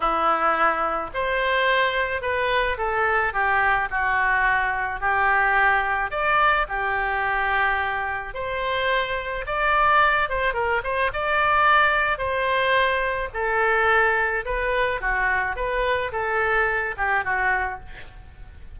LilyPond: \new Staff \with { instrumentName = "oboe" } { \time 4/4 \tempo 4 = 108 e'2 c''2 | b'4 a'4 g'4 fis'4~ | fis'4 g'2 d''4 | g'2. c''4~ |
c''4 d''4. c''8 ais'8 c''8 | d''2 c''2 | a'2 b'4 fis'4 | b'4 a'4. g'8 fis'4 | }